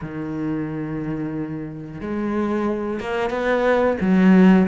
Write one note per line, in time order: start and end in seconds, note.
0.01 2.00 D#3
2.00 3.00 G#3
3.00 3.30 A#3
3.30 3.96 B3
4.01 4.67 F#3